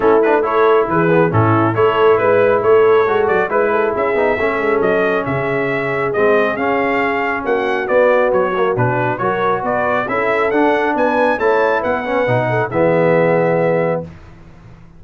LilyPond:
<<
  \new Staff \with { instrumentName = "trumpet" } { \time 4/4 \tempo 4 = 137 a'8 b'8 cis''4 b'4 a'4 | cis''4 b'4 cis''4. d''8 | b'4 e''2 dis''4 | e''2 dis''4 f''4~ |
f''4 fis''4 d''4 cis''4 | b'4 cis''4 d''4 e''4 | fis''4 gis''4 a''4 fis''4~ | fis''4 e''2. | }
  \new Staff \with { instrumentName = "horn" } { \time 4/4 e'4 a'4 gis'4 e'4 | a'4 b'4 a'2 | b'8 a'8 gis'4 a'2 | gis'1~ |
gis'4 fis'2.~ | fis'4 ais'4 b'4 a'4~ | a'4 b'4 cis''4 b'4~ | b'8 a'8 gis'2. | }
  \new Staff \with { instrumentName = "trombone" } { \time 4/4 cis'8 d'8 e'4. b8 cis'4 | e'2. fis'4 | e'4. dis'8 cis'2~ | cis'2 c'4 cis'4~ |
cis'2 b4. ais8 | d'4 fis'2 e'4 | d'2 e'4. cis'8 | dis'4 b2. | }
  \new Staff \with { instrumentName = "tuba" } { \time 4/4 a2 e4 a,4 | a4 gis4 a4 gis8 fis8 | gis4 cis'8 b8 a8 gis8 fis4 | cis2 gis4 cis'4~ |
cis'4 ais4 b4 fis4 | b,4 fis4 b4 cis'4 | d'4 b4 a4 b4 | b,4 e2. | }
>>